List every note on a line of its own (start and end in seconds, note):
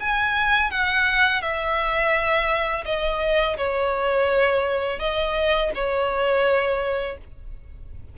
0.00 0.71 G#5
0.71 1.42 F#5
1.42 2.85 E5
2.85 3.57 D#5
3.57 5.00 C#5
5.00 5.71 D#5
5.75 7.18 C#5